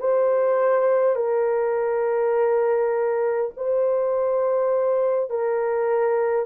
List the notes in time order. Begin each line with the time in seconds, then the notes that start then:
0.00 C5
1.16 A#4
3.57 C5
5.30 A#4